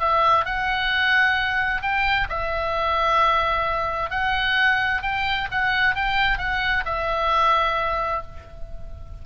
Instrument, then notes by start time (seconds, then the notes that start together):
oboe
0.00 E5
0.45 F#5
1.82 G5
2.30 E5
4.11 F#5
5.03 G5
5.51 F#5
5.96 G5
6.39 F#5
6.85 E5